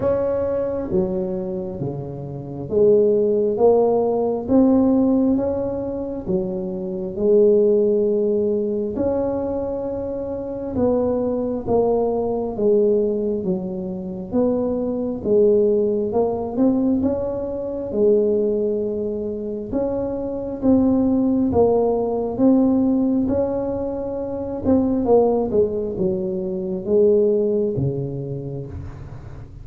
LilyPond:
\new Staff \with { instrumentName = "tuba" } { \time 4/4 \tempo 4 = 67 cis'4 fis4 cis4 gis4 | ais4 c'4 cis'4 fis4 | gis2 cis'2 | b4 ais4 gis4 fis4 |
b4 gis4 ais8 c'8 cis'4 | gis2 cis'4 c'4 | ais4 c'4 cis'4. c'8 | ais8 gis8 fis4 gis4 cis4 | }